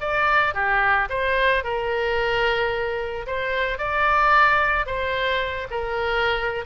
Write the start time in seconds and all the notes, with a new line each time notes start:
0.00 D5
0.54 G4
1.09 C5
1.64 A#4
3.27 C5
3.78 D5
4.86 C5
5.70 A#4